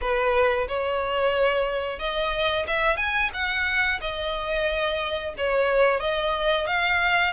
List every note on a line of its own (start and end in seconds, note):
0.01 0.67 B4
0.68 1.99 C#5
1.99 2.65 D#5
2.67 2.96 E5
2.96 3.30 G#5
3.33 4.00 F#5
4.00 5.34 D#5
5.37 6.00 C#5
6.00 6.66 D#5
6.66 7.33 F5